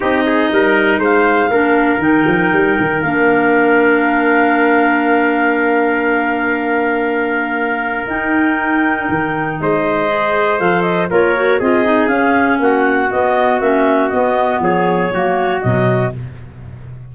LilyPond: <<
  \new Staff \with { instrumentName = "clarinet" } { \time 4/4 \tempo 4 = 119 dis''2 f''2 | g''2 f''2~ | f''1~ | f''1 |
g''2. dis''4~ | dis''4 f''8 dis''8 cis''4 dis''4 | f''4 fis''4 dis''4 e''4 | dis''4 cis''2 dis''4 | }
  \new Staff \with { instrumentName = "trumpet" } { \time 4/4 g'8 gis'8 ais'4 c''4 ais'4~ | ais'1~ | ais'1~ | ais'1~ |
ais'2. c''4~ | c''2 ais'4 gis'4~ | gis'4 fis'2.~ | fis'4 gis'4 fis'2 | }
  \new Staff \with { instrumentName = "clarinet" } { \time 4/4 dis'2. d'4 | dis'2 d'2~ | d'1~ | d'1 |
dis'1 | gis'4 a'4 f'8 fis'8 f'8 dis'8 | cis'2 b4 cis'4 | b2 ais4 fis4 | }
  \new Staff \with { instrumentName = "tuba" } { \time 4/4 c'4 g4 gis4 ais4 | dis8 f8 g8 dis8 ais2~ | ais1~ | ais1 |
dis'2 dis4 gis4~ | gis4 f4 ais4 c'4 | cis'4 ais4 b4 ais4 | b4 f4 fis4 b,4 | }
>>